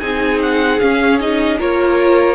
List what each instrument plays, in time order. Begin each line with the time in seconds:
0.00 cello C4, viola D#4, violin G#4 G#5
0.43 violin F#5
0.80 viola C#4, cello C#4, violin F5
1.21 viola D#4, violin D#5
1.58 cello A#3, viola F4, violin A#4 C#5